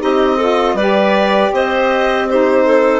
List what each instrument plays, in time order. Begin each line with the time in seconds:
0.00 bassoon C4, saxophone D#4, clarinet G4, violin D#5
0.36 saxophone F4, clarinet A4
0.74 bassoon G3, saxophone G4, clarinet B4, violin D5
1.52 bassoon C4, clarinet C5, violin D#5
2.29 saxophone D#4, clarinet G4, violin C5
2.65 clarinet A4